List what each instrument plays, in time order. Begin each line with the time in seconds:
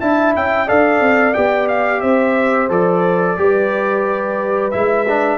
0.00 tuba D4, trombone E4, horn E5, trumpet A5
0.35 tuba C#4, trumpet G5
0.66 tuba D4, trombone A4, horn D5, trumpet F5
1.00 tuba C4
1.33 tuba B3, trombone G4, trumpet G5
1.68 trumpet F5
2.00 tuba C4, horn C5, trumpet E5
2.69 tuba F3, trombone A4, trumpet D5
3.37 tuba G3, trombone G4, horn B4
4.71 tuba G#3, trombone E4, trumpet E5
5.08 trombone D4